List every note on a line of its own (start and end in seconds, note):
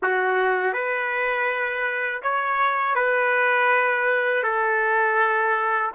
0.02 0.73 F#4
0.73 2.21 B4
2.22 2.95 C#5
2.95 4.43 B4
4.43 5.91 A4